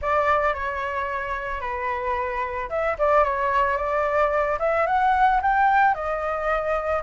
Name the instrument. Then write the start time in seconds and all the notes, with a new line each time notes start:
flute
0.01 D5
0.54 C#5
1.61 B4
2.69 E5
2.98 D5
3.24 C#5
3.77 D5
4.59 E5
4.86 F#5
5.42 G5
5.94 D#5